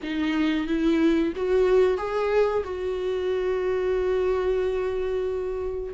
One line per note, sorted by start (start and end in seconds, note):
0.02 0.67 D#4
0.67 1.33 E4
1.35 1.98 F#4
1.98 2.63 G#4
2.64 5.93 F#4